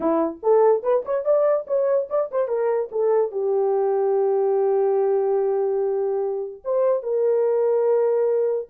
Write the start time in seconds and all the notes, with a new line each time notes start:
0.00 E4
0.43 A4
0.82 B4
1.05 C#5
1.24 D5
1.67 C#5
2.09 D5
2.31 C5
2.48 A#4
2.91 A4
3.31 G4
6.64 C5
7.03 A#4